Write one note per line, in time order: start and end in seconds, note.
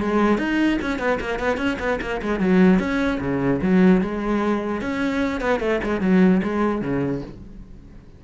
0.00 0.38 G#3
0.38 0.78 D#4
0.81 0.98 C#4
0.98 1.19 B3
1.20 1.39 A#3
1.39 1.57 B3
1.57 1.77 C#4
1.79 1.99 B3
2.01 2.21 A#3
2.21 2.39 G#3
2.39 2.79 F#3
2.79 3.19 C#4
3.20 3.60 C#3
3.62 4.01 F#3
4.01 4.81 G#3
4.81 5.40 C#4
5.40 5.60 B3
5.60 5.80 A3
5.83 6.00 G#3
6.00 6.41 F#3
6.43 6.81 G#3
6.81 7.22 C#3